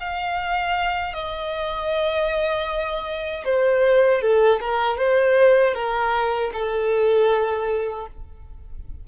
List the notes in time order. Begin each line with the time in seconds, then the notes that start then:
0.00 F5
1.14 D#5
3.45 C5
4.22 A4
4.60 A#4
4.98 C5
5.74 A#4
6.53 A4